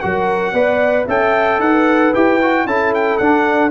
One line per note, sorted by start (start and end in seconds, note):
0.00 0.52 F#3
0.00 0.54 F#4
0.00 0.53 A#4
0.00 1.06 F#5
0.52 1.06 B3
0.52 1.07 B4
0.52 1.06 D5
1.06 1.59 C#4
1.06 2.14 A4
1.06 1.59 E5
1.06 1.60 G5
1.59 2.12 D#4
1.59 2.66 B4
1.59 2.13 F#5
2.14 2.66 E4
2.14 2.40 G4
2.14 2.67 G5
2.42 2.67 F#4
2.66 3.19 C#4
2.66 3.20 E4
2.66 3.71 A4
2.66 2.93 A5
2.94 3.17 G5
3.17 3.71 D4
3.17 3.71 F#5